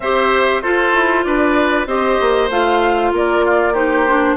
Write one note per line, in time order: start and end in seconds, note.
0.00 0.62 C4
0.00 0.63 G4
0.00 0.62 C5
0.00 0.61 E5
0.61 1.87 F4
0.61 0.93 F4
0.61 1.24 A4
0.61 1.24 C5
0.93 1.24 E4
1.24 1.86 D4
1.24 1.87 B4
1.24 1.86 D5
1.86 2.17 C4
1.86 2.50 G4
1.86 3.12 C5
1.86 2.49 D#5
2.20 2.49 A#3
2.49 3.12 A3
2.49 3.74 F4
2.49 3.13 F5
3.12 4.36 A#3
3.12 3.45 A#4
3.12 3.74 D5
3.45 3.73 F4
3.73 4.05 D#4
3.73 4.35 G4
3.73 4.36 C5
4.07 4.36 D4